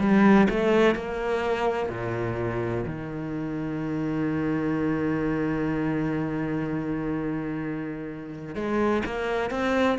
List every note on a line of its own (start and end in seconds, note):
0.00 0.48 G3
0.50 0.95 A3
0.95 1.89 A#3
1.89 2.84 A#2
2.86 8.55 D#3
8.55 9.03 G#3
9.06 9.50 A#3
9.50 9.98 C4